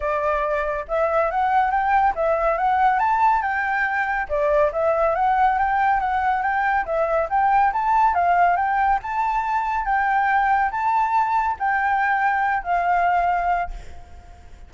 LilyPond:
\new Staff \with { instrumentName = "flute" } { \time 4/4 \tempo 4 = 140 d''2 e''4 fis''4 | g''4 e''4 fis''4 a''4 | g''2 d''4 e''4 | fis''4 g''4 fis''4 g''4 |
e''4 g''4 a''4 f''4 | g''4 a''2 g''4~ | g''4 a''2 g''4~ | g''4. f''2~ f''8 | }